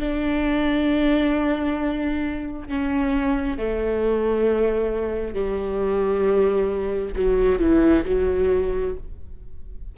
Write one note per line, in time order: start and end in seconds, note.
0.00 2.69 D4
2.69 3.58 C#4
3.58 5.35 A3
5.35 7.14 G3
7.16 7.60 F#3
7.60 8.04 E3
8.06 8.95 F#3